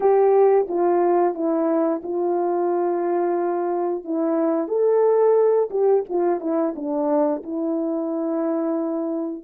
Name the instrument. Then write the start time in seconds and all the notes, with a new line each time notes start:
horn
0.00 G4
0.68 F4
1.34 E4
2.03 F4
4.04 E4
4.68 A4
5.70 G4
6.09 F4
6.40 E4
6.75 D4
7.43 E4